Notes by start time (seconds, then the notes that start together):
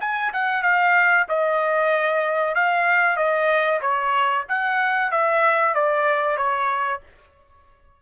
0.00 G#5
0.32 F#5
0.62 F5
1.28 D#5
2.55 F5
3.16 D#5
3.81 C#5
4.48 F#5
5.11 E5
5.74 D5
6.37 C#5